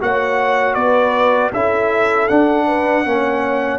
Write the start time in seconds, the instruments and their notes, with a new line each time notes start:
0.00 tuba A#3, trombone F#4, horn C#5, trumpet F#5
0.74 tuba B3, horn B4, trumpet D5
1.53 tuba C#4, trombone E4, horn A4, trumpet E5
2.28 trombone D4, tuba D4, trumpet F#5
2.66 horn B4
3.05 tuba A#3, trombone C#4, horn C#5